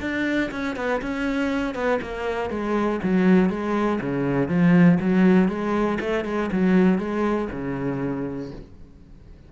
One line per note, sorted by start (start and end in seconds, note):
0.00 0.50 D4
0.51 0.76 C#4
0.76 1.01 B3
1.01 1.74 C#4
1.74 1.99 B3
2.01 2.50 A#3
2.50 3.00 G#3
3.03 3.49 F#3
3.49 3.99 G#3
4.00 4.48 C#3
4.48 4.98 F3
5.00 5.48 F#3
5.48 5.98 G#3
6.00 6.25 A3
6.25 6.50 G#3
6.51 6.98 F#3
6.98 7.48 G#3
7.51 8.51 C#3